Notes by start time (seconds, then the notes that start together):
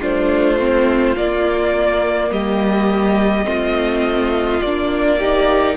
0.00 A3 D4 F4 C5
0.59 C4
1.17 A#3 D5
2.31 G3 G4 D#5
3.44 A3 C4 F4
4.61 A#3 D4 D5
5.19 D#4 G4